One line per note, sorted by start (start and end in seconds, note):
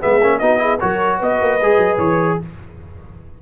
0.00 0.22 G#3
0.00 0.21 B3
0.00 0.40 G#4
0.00 0.39 E5
0.22 0.42 A#3
0.22 0.42 C#4
0.39 0.82 B3
0.39 0.59 D#4
0.39 0.61 F#4
0.39 0.79 D#5
0.59 0.79 E4
0.59 0.82 G#4
0.81 1.22 F#3
0.81 1.61 F#4
0.81 1.18 A#4
0.81 1.21 C#5
1.18 1.41 B3
1.18 2.38 B4
1.18 1.99 D#5
1.41 1.61 A#3
1.62 1.78 G#3
1.62 2.43 G#4
1.78 1.98 F#3
1.99 2.39 E3
1.99 2.39 C#5